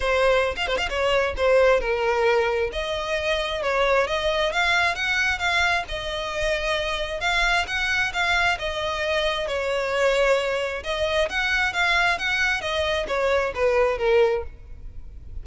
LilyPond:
\new Staff \with { instrumentName = "violin" } { \time 4/4 \tempo 4 = 133 c''4~ c''16 f''16 c''16 f''16 cis''4 c''4 | ais'2 dis''2 | cis''4 dis''4 f''4 fis''4 | f''4 dis''2. |
f''4 fis''4 f''4 dis''4~ | dis''4 cis''2. | dis''4 fis''4 f''4 fis''4 | dis''4 cis''4 b'4 ais'4 | }